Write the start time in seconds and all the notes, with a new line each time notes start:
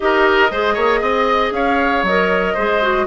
0.00 D#4 G4 A#4 D#5
0.51 G#3 G#4 C5
0.74 A#3 C#5
1.01 C4 D#5
1.51 C#4 C#5 F5
2.03 F#3 A#4 D#5
2.54 G#3 G#4 C5
2.82 F#4